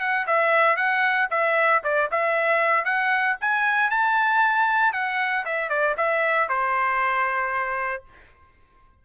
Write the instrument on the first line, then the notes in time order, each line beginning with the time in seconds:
trumpet
0.00 F#5
0.27 E5
0.76 F#5
1.30 E5
1.83 D5
2.11 E5
2.84 F#5
3.40 G#5
3.90 A5
4.93 F#5
5.45 E5
5.69 D5
5.97 E5
6.48 C5